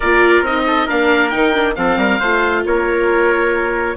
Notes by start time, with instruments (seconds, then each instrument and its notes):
0.00 bassoon A#3, viola F4, trumpet A#4, oboe D5
0.41 bassoon C4, viola D#4, oboe D#5
0.67 trumpet A4
0.86 bassoon A#3, viola D4, trumpet A#4, oboe F5
1.30 bassoon D#3, viola D#4, oboe G5
1.54 viola D4
1.75 bassoon F3, viola C4, trumpet A4, oboe F5
1.97 bassoon G3, trumpet A#4
2.19 bassoon A3, viola F4, trumpet C5
2.65 bassoon A#3, trumpet A#4, oboe C#5